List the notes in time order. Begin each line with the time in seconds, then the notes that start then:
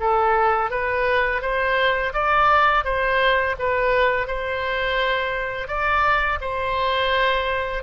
0.00 A4
0.70 B4
1.42 C5
2.13 D5
2.84 C5
3.59 B4
4.28 C5
5.68 D5
6.41 C5